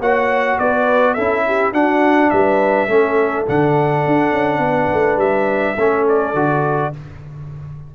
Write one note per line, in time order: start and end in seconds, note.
0.00 0.58 A#3
0.00 1.17 F#4
0.00 0.58 C#5
0.00 0.59 F#5
0.59 1.18 B3
0.59 1.14 B4
0.59 1.14 D5
1.14 1.73 C#4
1.14 1.73 E4
1.14 1.43 A4
1.14 1.72 E5
1.47 1.72 G4
1.72 2.31 D4
1.72 2.89 D4
1.72 2.30 F#4
1.72 2.30 F#5
2.30 2.88 G3
2.30 2.89 B4
2.30 3.45 E5
2.88 3.45 A3
2.88 3.46 C#4
2.88 4.62 A4
3.46 4.06 D3
3.46 5.77 D4
3.46 5.19 F#5
4.06 4.32 D4
4.32 4.59 C#4
4.59 4.87 B3
4.59 5.77 B4
4.93 5.17 A3
5.17 5.75 G3
5.17 6.06 E5
5.77 6.34 A3
5.77 6.35 C#4
5.77 6.93 A4
6.08 6.95 D5
6.34 6.92 D3
6.34 6.93 F#4